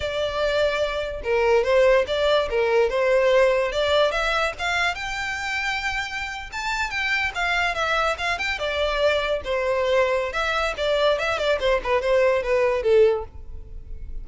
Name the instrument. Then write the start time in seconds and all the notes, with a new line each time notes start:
violin
0.00 D5
1.23 A#4
1.64 C5
2.07 D5
2.50 A#4
2.89 C5
3.71 D5
4.11 E5
4.58 F5
4.94 G5
6.52 A5
6.90 G5
7.34 F5
7.75 E5
8.17 F5
8.38 G5
8.59 D5
9.44 C5
10.32 E5
10.77 D5
11.18 E5
11.38 D5
11.60 C5
11.83 B4
12.01 C5
12.43 B4
12.83 A4